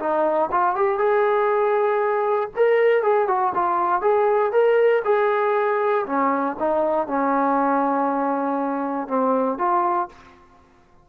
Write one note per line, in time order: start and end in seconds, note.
0.00 0.50 D#4
0.52 0.76 F4
0.76 0.99 G4
0.99 2.50 G#4
2.57 3.03 A#4
3.03 3.28 G#4
3.28 3.54 F#4
3.55 4.02 F4
4.02 4.52 G#4
4.53 5.03 A#4
5.05 6.06 G#4
6.06 6.57 C#4
6.60 7.08 D#4
7.08 9.08 C#4
9.08 9.59 C4
9.59 10.09 F4